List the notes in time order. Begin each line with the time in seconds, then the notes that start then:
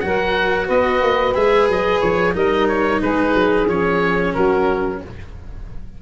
0.00 F#3 F#4 A#4 F#5
0.66 B3 B4 D#5
1.01 A#3
1.34 G#3 G#4 E5
1.68 F#3 D#5
2.00 F3 C#5
2.33 G3 D#4 A#4 D#5
2.68 C#5
3.01 G#3 G#4 B4
3.34 F#3
3.67 F3 C#4 C#5
4.34 F#3 F#4 A#4